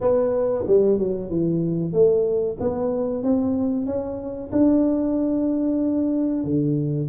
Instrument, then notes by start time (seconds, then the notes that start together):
tuba
0.00 B3
0.67 G3
0.98 F#3
1.29 E3
1.92 A3
2.60 B3
3.23 C4
3.86 C#4
4.52 D4
6.44 D3